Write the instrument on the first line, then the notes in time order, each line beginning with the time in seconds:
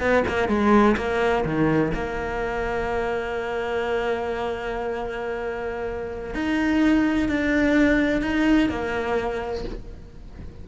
cello
0.00 B3
0.28 A#3
0.49 G#3
0.97 A#3
1.45 D#3
1.94 A#3
6.35 D#4
7.29 D4
8.22 D#4
8.69 A#3